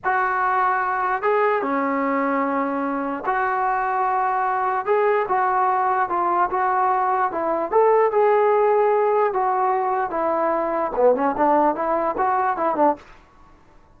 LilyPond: \new Staff \with { instrumentName = "trombone" } { \time 4/4 \tempo 4 = 148 fis'2. gis'4 | cis'1 | fis'1 | gis'4 fis'2 f'4 |
fis'2 e'4 a'4 | gis'2. fis'4~ | fis'4 e'2 b8 cis'8 | d'4 e'4 fis'4 e'8 d'8 | }